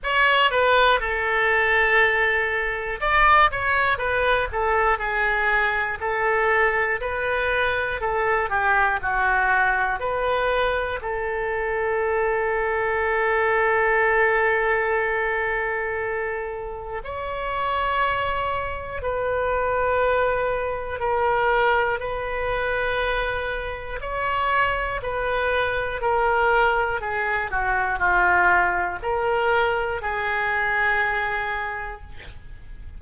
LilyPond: \new Staff \with { instrumentName = "oboe" } { \time 4/4 \tempo 4 = 60 cis''8 b'8 a'2 d''8 cis''8 | b'8 a'8 gis'4 a'4 b'4 | a'8 g'8 fis'4 b'4 a'4~ | a'1~ |
a'4 cis''2 b'4~ | b'4 ais'4 b'2 | cis''4 b'4 ais'4 gis'8 fis'8 | f'4 ais'4 gis'2 | }